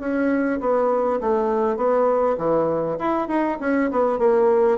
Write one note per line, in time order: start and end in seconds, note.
0.00 0.60 C#4
0.60 1.20 B3
1.21 1.77 A3
1.77 2.37 B3
2.38 2.98 E3
2.99 3.28 E4
3.28 3.58 D#4
3.61 3.91 C#4
3.91 4.19 B3
4.19 4.79 A#3